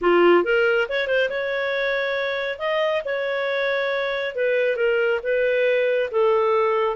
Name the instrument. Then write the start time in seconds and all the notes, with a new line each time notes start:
clarinet
0.01 F4
0.44 A#4
0.88 C#5
1.07 C5
1.29 C#5
2.58 D#5
3.04 C#5
4.35 B4
4.76 A#4
5.23 B4
6.11 A4